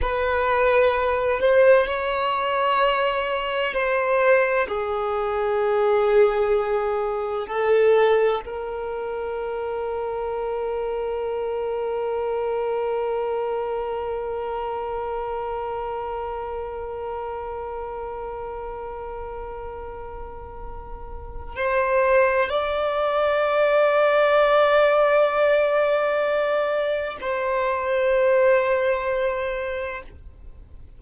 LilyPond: \new Staff \with { instrumentName = "violin" } { \time 4/4 \tempo 4 = 64 b'4. c''8 cis''2 | c''4 gis'2. | a'4 ais'2.~ | ais'1~ |
ais'1~ | ais'2. c''4 | d''1~ | d''4 c''2. | }